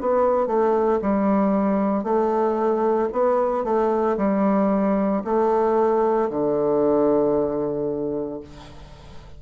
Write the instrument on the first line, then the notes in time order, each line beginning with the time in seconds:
bassoon
0.00 B3
0.47 A3
1.02 G3
2.04 A3
3.12 B3
3.64 A3
4.17 G3
5.24 A3
6.30 D3